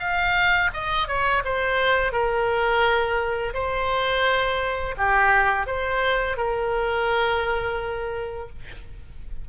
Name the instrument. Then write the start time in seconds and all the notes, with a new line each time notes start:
oboe
0.00 F5
0.74 D#5
1.08 C#5
1.45 C5
2.12 A#4
3.54 C5
4.97 G4
5.67 C5
6.37 A#4